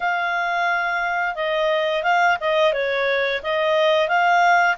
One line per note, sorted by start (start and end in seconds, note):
0.00 1.35 F5
1.35 2.03 D#5
2.03 2.37 F5
2.40 2.73 D#5
2.73 3.41 C#5
3.42 4.08 D#5
4.08 4.76 F5